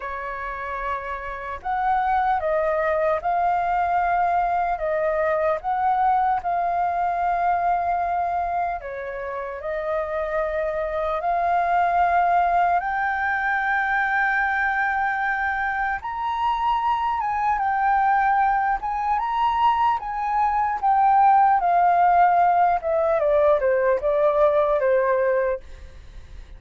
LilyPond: \new Staff \with { instrumentName = "flute" } { \time 4/4 \tempo 4 = 75 cis''2 fis''4 dis''4 | f''2 dis''4 fis''4 | f''2. cis''4 | dis''2 f''2 |
g''1 | ais''4. gis''8 g''4. gis''8 | ais''4 gis''4 g''4 f''4~ | f''8 e''8 d''8 c''8 d''4 c''4 | }